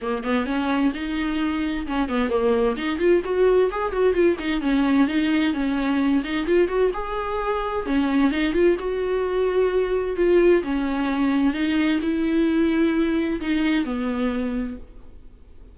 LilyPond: \new Staff \with { instrumentName = "viola" } { \time 4/4 \tempo 4 = 130 ais8 b8 cis'4 dis'2 | cis'8 b8 ais4 dis'8 f'8 fis'4 | gis'8 fis'8 f'8 dis'8 cis'4 dis'4 | cis'4. dis'8 f'8 fis'8 gis'4~ |
gis'4 cis'4 dis'8 f'8 fis'4~ | fis'2 f'4 cis'4~ | cis'4 dis'4 e'2~ | e'4 dis'4 b2 | }